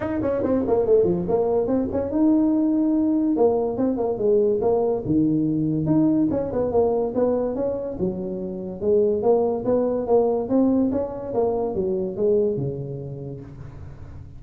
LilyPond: \new Staff \with { instrumentName = "tuba" } { \time 4/4 \tempo 4 = 143 dis'8 cis'8 c'8 ais8 a8 f8 ais4 | c'8 cis'8 dis'2. | ais4 c'8 ais8 gis4 ais4 | dis2 dis'4 cis'8 b8 |
ais4 b4 cis'4 fis4~ | fis4 gis4 ais4 b4 | ais4 c'4 cis'4 ais4 | fis4 gis4 cis2 | }